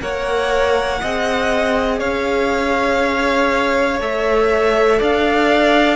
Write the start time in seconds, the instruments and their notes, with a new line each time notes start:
0.00 cello A#3, viola A#4, violin C#5 F#5
1.01 cello C4, viola G#4, violin D#5
1.99 cello C#4, violin C#5 F5
4.00 cello A3, viola A4, violin E5
4.99 cello D4, violin D5 F5